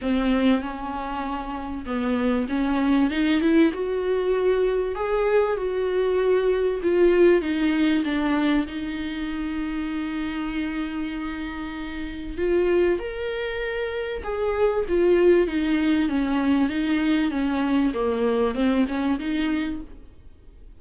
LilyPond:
\new Staff \with { instrumentName = "viola" } { \time 4/4 \tempo 4 = 97 c'4 cis'2 b4 | cis'4 dis'8 e'8 fis'2 | gis'4 fis'2 f'4 | dis'4 d'4 dis'2~ |
dis'1 | f'4 ais'2 gis'4 | f'4 dis'4 cis'4 dis'4 | cis'4 ais4 c'8 cis'8 dis'4 | }